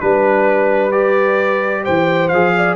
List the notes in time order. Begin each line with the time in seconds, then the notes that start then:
0.00 G3 D4 B4
0.92 G4 D5
1.84 E3 C5 G5
2.29 F3 G#4 F5
2.57 D5